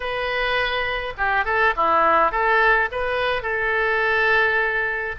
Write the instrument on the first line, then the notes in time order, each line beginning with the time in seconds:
oboe
0.00 B4
1.17 G4
1.44 A4
1.76 E4
2.31 A4
2.91 B4
3.42 A4